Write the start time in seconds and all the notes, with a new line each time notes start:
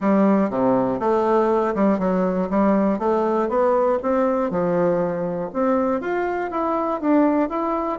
0.00 G3
0.50 C3
0.99 A3
1.74 G3
1.98 F#3
2.50 G3
2.98 A3
3.48 B3
4.02 C4
4.50 F3
5.53 C4
6.00 F4
6.50 E4
7.00 D4
7.49 E4